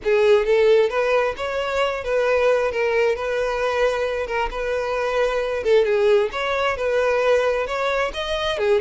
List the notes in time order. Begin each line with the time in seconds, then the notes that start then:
0.04 G#4
0.45 A4
0.89 B4
1.36 C#5
2.04 B4
2.71 A#4
3.15 B4
4.26 A#4
4.51 B4
5.63 A4
5.84 G#4
6.32 C#5
6.76 B4
7.66 C#5
8.13 D#5
8.58 G#4